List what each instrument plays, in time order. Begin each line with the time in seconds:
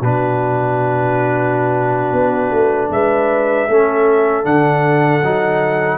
0.00 tuba B2, trombone D4, horn F#4, trumpet B4
2.12 tuba B3
2.51 tuba A3
2.89 tuba G#3, horn B4, trumpet E5
3.68 tuba A3, trombone C#4, horn A4
4.43 tuba D3, trombone D4, trumpet F#5
5.22 tuba F#3, trombone D#4